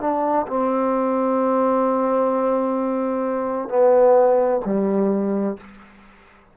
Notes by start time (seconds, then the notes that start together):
0.00 D4
0.47 C4
3.68 B3
4.64 G3